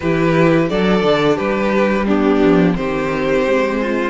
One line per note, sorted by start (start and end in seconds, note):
0.00 0.70 E3
0.00 0.69 E4
0.00 0.69 G4
0.00 0.68 B4
0.69 1.03 F#3
0.69 2.07 D4
0.69 1.35 A4
0.69 1.37 D5
1.03 1.37 D3
1.35 2.42 G3
1.35 2.04 G4
1.35 2.06 B4
2.06 2.75 B3
2.06 2.75 D4
2.06 2.75 G4
2.42 2.76 F3
2.75 3.45 D#3
2.75 4.10 C4
2.75 3.80 G4
2.75 4.10 C5
3.45 4.10 G#3
3.80 4.10 F4